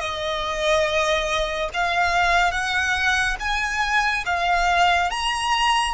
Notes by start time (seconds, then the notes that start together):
0.00 D#5
1.73 F5
2.51 F#5
3.40 G#5
4.26 F5
5.10 A#5